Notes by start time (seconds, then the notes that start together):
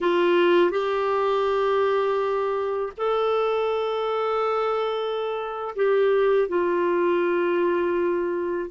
0.00 F4
0.70 G4
2.97 A4
5.75 G4
6.48 F4